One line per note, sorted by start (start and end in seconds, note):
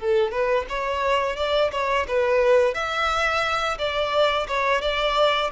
0.00 0.32 A4
0.32 0.66 B4
0.69 1.37 C#5
1.37 1.71 D5
1.72 2.07 C#5
2.08 2.75 B4
2.75 3.78 E5
3.79 4.48 D5
4.48 4.82 C#5
4.82 5.51 D5